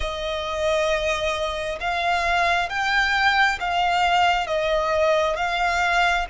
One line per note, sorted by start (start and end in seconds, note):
0.00 1.78 D#5
1.80 2.69 F5
2.69 3.58 G5
3.60 4.46 F5
4.46 5.36 D#5
5.36 6.26 F5